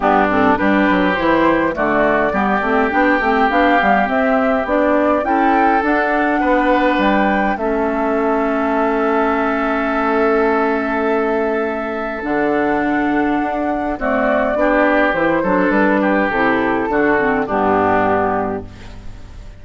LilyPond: <<
  \new Staff \with { instrumentName = "flute" } { \time 4/4 \tempo 4 = 103 g'8 a'8 b'4 c''4 d''4~ | d''4 g''4 f''4 e''4 | d''4 g''4 fis''2 | g''4 e''2.~ |
e''1~ | e''4 fis''2. | d''2 c''4 b'4 | a'2 g'2 | }
  \new Staff \with { instrumentName = "oboe" } { \time 4/4 d'4 g'2 fis'4 | g'1~ | g'4 a'2 b'4~ | b'4 a'2.~ |
a'1~ | a'1 | fis'4 g'4. a'4 g'8~ | g'4 fis'4 d'2 | }
  \new Staff \with { instrumentName = "clarinet" } { \time 4/4 b8 c'8 d'4 e'4 a4 | b8 c'8 d'8 c'8 d'8 b8 c'4 | d'4 e'4 d'2~ | d'4 cis'2.~ |
cis'1~ | cis'4 d'2. | a4 d'4 e'8 d'4. | e'4 d'8 c'8 b2 | }
  \new Staff \with { instrumentName = "bassoon" } { \time 4/4 g,4 g8 fis8 e4 d4 | g8 a8 b8 a8 b8 g8 c'4 | b4 cis'4 d'4 b4 | g4 a2.~ |
a1~ | a4 d2 d'4 | c'4 b4 e8 fis8 g4 | c4 d4 g,2 | }
>>